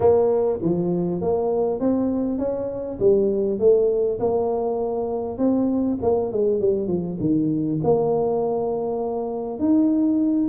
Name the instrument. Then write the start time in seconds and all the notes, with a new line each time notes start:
tuba
0.00 A#3
0.62 F3
1.21 A#3
1.79 C4
2.38 C#4
2.99 G3
3.59 A3
4.19 A#3
5.38 C4
6.02 A#3
6.32 G#3
6.60 G3
6.87 F3
7.19 D#3
7.83 A#3
9.59 D#4